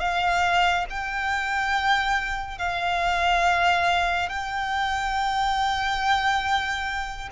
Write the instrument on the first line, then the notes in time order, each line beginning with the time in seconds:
violin
0.00 F5
0.90 G5
2.59 F5
4.30 G5